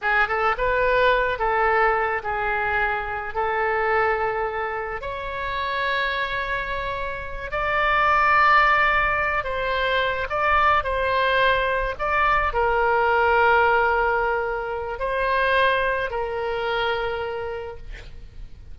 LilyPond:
\new Staff \with { instrumentName = "oboe" } { \time 4/4 \tempo 4 = 108 gis'8 a'8 b'4. a'4. | gis'2 a'2~ | a'4 cis''2.~ | cis''4. d''2~ d''8~ |
d''4 c''4. d''4 c''8~ | c''4. d''4 ais'4.~ | ais'2. c''4~ | c''4 ais'2. | }